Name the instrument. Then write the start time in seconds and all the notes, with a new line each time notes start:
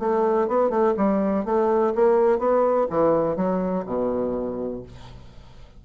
bassoon
0.00 A3
0.48 B3
0.70 A3
0.97 G3
1.46 A3
1.96 A#3
2.39 B3
2.90 E3
3.37 F#3
3.86 B2